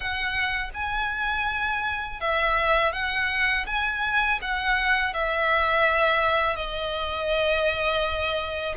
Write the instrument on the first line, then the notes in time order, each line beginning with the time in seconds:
violin
0.00 F#5
0.74 G#5
2.20 E5
2.92 F#5
3.66 G#5
4.41 F#5
5.13 E5
6.56 D#5